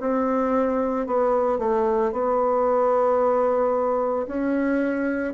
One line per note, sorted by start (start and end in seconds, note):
0.00 1.06 C4
1.06 1.58 B3
1.58 2.12 A3
2.12 4.26 B3
4.27 5.33 C#4